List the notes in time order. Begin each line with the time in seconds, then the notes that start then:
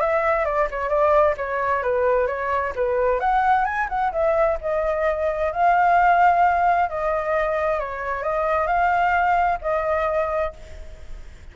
0.00 E5
0.45 D5
0.70 C#5
0.89 D5
1.37 C#5
1.82 B4
2.27 C#5
2.75 B4
3.20 F#5
3.65 G#5
3.89 F#5
4.12 E5
4.61 D#5
5.52 F5
6.89 D#5
7.79 C#5
8.23 D#5
8.67 F5
9.61 D#5